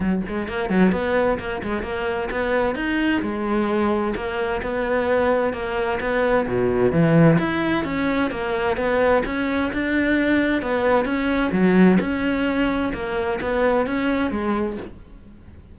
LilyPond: \new Staff \with { instrumentName = "cello" } { \time 4/4 \tempo 4 = 130 fis8 gis8 ais8 fis8 b4 ais8 gis8 | ais4 b4 dis'4 gis4~ | gis4 ais4 b2 | ais4 b4 b,4 e4 |
e'4 cis'4 ais4 b4 | cis'4 d'2 b4 | cis'4 fis4 cis'2 | ais4 b4 cis'4 gis4 | }